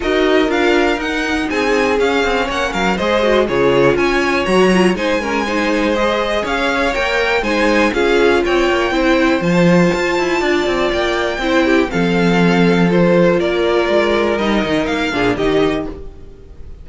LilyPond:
<<
  \new Staff \with { instrumentName = "violin" } { \time 4/4 \tempo 4 = 121 dis''4 f''4 fis''4 gis''4 | f''4 fis''8 f''8 dis''4 cis''4 | gis''4 ais''4 gis''2 | dis''4 f''4 g''4 gis''4 |
f''4 g''2 a''4~ | a''2 g''2 | f''2 c''4 d''4~ | d''4 dis''4 f''4 dis''4 | }
  \new Staff \with { instrumentName = "violin" } { \time 4/4 ais'2. gis'4~ | gis'4 cis''8 ais'8 c''4 gis'4 | cis''2 c''8 ais'8 c''4~ | c''4 cis''2 c''4 |
gis'4 cis''4 c''2~ | c''4 d''2 c''8 g'8 | a'2. ais'4~ | ais'2~ ais'8 gis'8 g'4 | }
  \new Staff \with { instrumentName = "viola" } { \time 4/4 fis'4 f'4 dis'2 | cis'2 gis'8 fis'8 f'4~ | f'4 fis'8 f'8 dis'8 cis'8 dis'4 | gis'2 ais'4 dis'4 |
f'2 e'4 f'4~ | f'2. e'4 | c'2 f'2~ | f'4 dis'4. d'8 dis'4 | }
  \new Staff \with { instrumentName = "cello" } { \time 4/4 dis'4 d'4 dis'4 c'4 | cis'8 c'8 ais8 fis8 gis4 cis4 | cis'4 fis4 gis2~ | gis4 cis'4 ais4 gis4 |
cis'4 c'8 ais8 c'4 f4 | f'8 e'8 d'8 c'8 ais4 c'4 | f2. ais4 | gis4 g8 dis8 ais8 ais,8 dis4 | }
>>